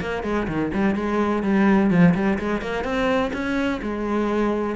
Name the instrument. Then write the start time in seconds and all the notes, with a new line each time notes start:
cello
0.00 A#3
0.23 G#3
0.47 D#3
0.74 G3
0.95 G#3
1.43 G3
1.90 F3
2.14 G3
2.39 G#3
2.61 A#3
2.84 C4
3.33 C#4
3.82 G#3